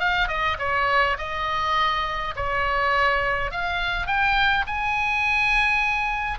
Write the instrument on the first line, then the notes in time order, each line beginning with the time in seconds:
oboe
0.00 F5
0.29 D#5
0.59 C#5
1.18 D#5
2.36 C#5
3.51 F5
4.07 G5
4.67 G#5